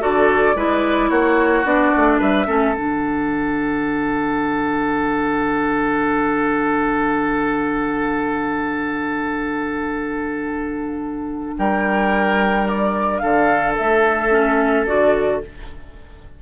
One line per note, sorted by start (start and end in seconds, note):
0.00 0.55 D3
0.00 0.55 F#4
0.00 0.56 A4
0.00 1.10 D5
0.55 1.10 G#3
0.55 1.64 E4
0.55 1.10 B4
1.10 1.64 A#3
1.10 2.19 F#4
1.10 1.65 C#5
1.64 1.92 B3
1.64 2.46 D4
1.64 2.21 D5
1.96 2.20 A3
2.19 2.47 G3
2.19 2.46 B4
2.19 2.74 E5
2.46 2.75 A3
2.46 2.74 C#4
2.46 11.55 A4
2.74 11.56 D3
2.74 14.31 D4
2.74 11.55 F#5
11.58 13.22 G3
11.58 13.22 A#4
11.58 12.68 G5
12.68 13.19 D5
13.19 13.77 D3
13.19 15.42 A4
13.19 13.74 F5
13.77 14.87 A3
13.77 14.86 E5
14.31 14.86 C#4
14.86 15.42 D3
14.86 15.42 F#4
14.86 15.41 D5